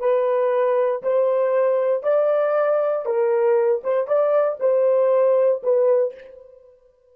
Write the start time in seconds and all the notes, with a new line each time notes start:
0.00 B4
1.03 C5
2.03 D5
3.06 A#4
3.84 C5
4.08 D5
4.60 C5
5.63 B4